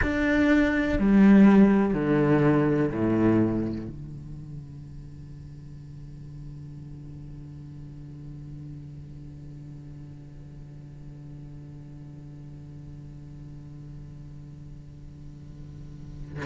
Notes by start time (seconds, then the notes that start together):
0.02 D4
0.99 G3
1.94 D3
2.90 A2
3.87 D3